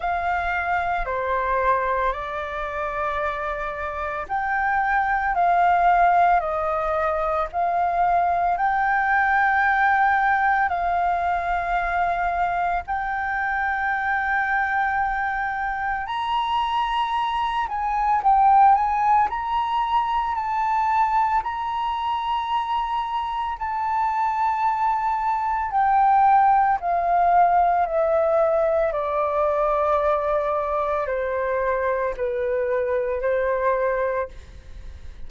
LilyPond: \new Staff \with { instrumentName = "flute" } { \time 4/4 \tempo 4 = 56 f''4 c''4 d''2 | g''4 f''4 dis''4 f''4 | g''2 f''2 | g''2. ais''4~ |
ais''8 gis''8 g''8 gis''8 ais''4 a''4 | ais''2 a''2 | g''4 f''4 e''4 d''4~ | d''4 c''4 b'4 c''4 | }